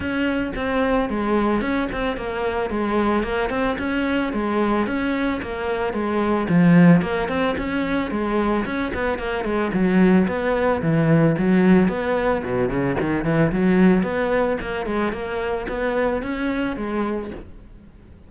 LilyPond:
\new Staff \with { instrumentName = "cello" } { \time 4/4 \tempo 4 = 111 cis'4 c'4 gis4 cis'8 c'8 | ais4 gis4 ais8 c'8 cis'4 | gis4 cis'4 ais4 gis4 | f4 ais8 c'8 cis'4 gis4 |
cis'8 b8 ais8 gis8 fis4 b4 | e4 fis4 b4 b,8 cis8 | dis8 e8 fis4 b4 ais8 gis8 | ais4 b4 cis'4 gis4 | }